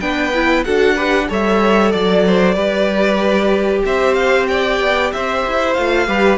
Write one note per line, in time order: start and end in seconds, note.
0.00 0.65 B3
0.00 0.33 D4
0.00 0.66 B4
0.00 0.64 G5
0.34 0.66 E4
0.65 1.30 D4
0.65 0.97 F#4
0.65 0.95 A4
0.65 1.28 F#5
0.95 1.28 G4
0.95 1.27 B4
1.28 1.94 G3
1.28 2.55 A4
1.28 1.93 C#5
1.28 1.92 E5
1.92 2.55 F#3
1.92 3.83 D5
1.92 2.24 D5
2.27 2.55 C5
2.55 3.83 G3
2.55 5.74 G4
2.55 3.82 B4
3.85 4.80 C4
3.85 4.50 C5
3.85 4.14 E5
4.14 4.46 F5
4.48 5.13 D5
4.48 5.12 G5
4.80 5.12 B3
5.13 5.46 C4
5.13 6.07 C5
5.13 5.74 E5
5.46 5.78 E4
5.74 6.08 A3
5.74 6.07 F4
5.74 6.38 F5
6.07 6.38 G3
6.07 6.38 G4
6.07 6.38 B4